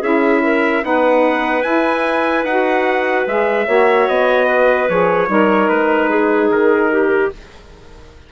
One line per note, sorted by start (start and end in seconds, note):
0.00 0.83 C#4
0.00 0.82 E4
0.00 0.41 G#4
0.00 0.85 E5
0.43 0.84 A#4
0.82 1.64 B3
0.82 1.64 D#4
0.82 3.68 B4
0.82 1.63 F#5
1.63 2.44 E4
1.63 2.46 E4
1.63 2.44 G#5
2.44 3.26 D#4
2.44 3.29 F#4
2.44 3.27 F#5
3.27 3.67 G#3
3.27 3.66 G#4
3.27 4.08 E5
3.66 4.08 A#3
3.66 4.88 F#4
3.66 4.47 C#5
4.08 4.90 B3
4.08 4.89 D#5
4.47 5.28 B4
4.90 5.29 F3
4.90 5.27 G#4
4.90 5.69 C#5
5.27 5.69 G3
5.27 7.30 D#4
5.27 6.10 A#4
5.69 6.50 G#3
5.69 6.50 B4
6.10 6.91 G#4
6.50 7.31 D#3
6.50 7.33 A#4
6.92 7.32 G4